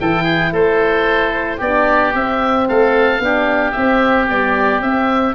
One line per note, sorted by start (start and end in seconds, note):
0.00 0.52 E3
0.00 1.62 E4
0.00 0.23 A4
0.00 0.54 G5
0.23 0.50 G#4
0.52 1.59 A3
0.52 1.57 A4
0.52 1.61 C5
1.57 2.14 B3
1.57 2.13 D4
1.57 2.65 G4
1.57 2.15 D5
2.13 3.20 C4
2.13 2.68 C4
2.13 2.68 E5
2.68 3.19 A3
2.68 3.22 A4
2.68 3.72 F5
3.19 3.73 B3
3.19 3.74 D4
3.19 5.35 G4
3.72 4.29 C4
3.72 4.30 C4
3.72 4.26 E5
4.29 4.84 G3
4.29 4.81 B3
4.29 4.82 D5
4.81 5.34 C4
4.81 5.35 C4
4.81 5.35 E5